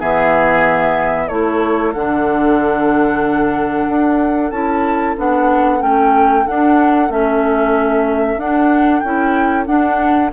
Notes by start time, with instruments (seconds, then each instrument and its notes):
0.00 bassoon E3, clarinet B3, oboe G#4, flute E5
1.28 bassoon A3, clarinet E4, oboe A4, flute C#5
1.94 bassoon D3, clarinet D4, flute F#5
3.89 bassoon D4
4.51 bassoon C#4, clarinet E4, flute A5
5.17 bassoon B3, clarinet D4, flute F#5
5.80 bassoon A3, clarinet C#4, flute G5
6.47 clarinet D4, bassoon D4, flute F#5
7.10 bassoon A3, clarinet C#4, flute E5
8.37 bassoon D4, clarinet D4, flute F#5
9.00 bassoon C#4, clarinet E4, flute G5
9.66 clarinet D4, bassoon D4, flute F#5